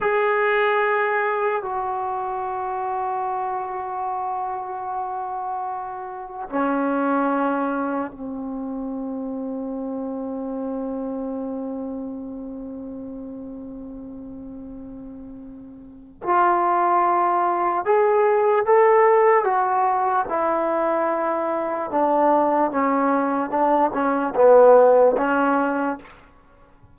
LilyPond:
\new Staff \with { instrumentName = "trombone" } { \time 4/4 \tempo 4 = 74 gis'2 fis'2~ | fis'1 | cis'2 c'2~ | c'1~ |
c'1 | f'2 gis'4 a'4 | fis'4 e'2 d'4 | cis'4 d'8 cis'8 b4 cis'4 | }